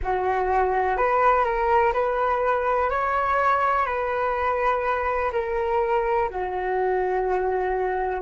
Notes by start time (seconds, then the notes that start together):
0.02 F#4
0.97 B4
1.44 A#4
1.93 B4
2.89 C#5
3.85 B4
5.32 A#4
6.29 F#4